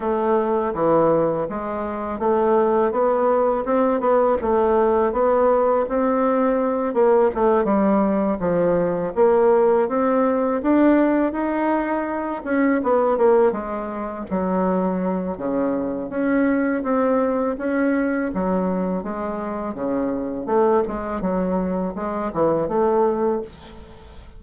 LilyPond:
\new Staff \with { instrumentName = "bassoon" } { \time 4/4 \tempo 4 = 82 a4 e4 gis4 a4 | b4 c'8 b8 a4 b4 | c'4. ais8 a8 g4 f8~ | f8 ais4 c'4 d'4 dis'8~ |
dis'4 cis'8 b8 ais8 gis4 fis8~ | fis4 cis4 cis'4 c'4 | cis'4 fis4 gis4 cis4 | a8 gis8 fis4 gis8 e8 a4 | }